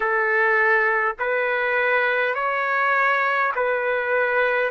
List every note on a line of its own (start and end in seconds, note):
0.00 1.16 A4
1.19 2.34 B4
2.34 3.52 C#5
3.56 4.70 B4